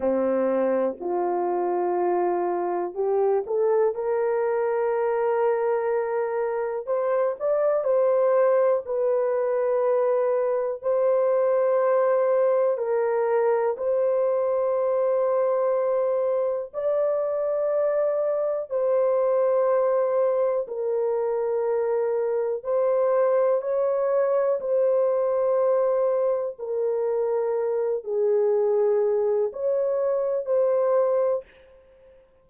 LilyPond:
\new Staff \with { instrumentName = "horn" } { \time 4/4 \tempo 4 = 61 c'4 f'2 g'8 a'8 | ais'2. c''8 d''8 | c''4 b'2 c''4~ | c''4 ais'4 c''2~ |
c''4 d''2 c''4~ | c''4 ais'2 c''4 | cis''4 c''2 ais'4~ | ais'8 gis'4. cis''4 c''4 | }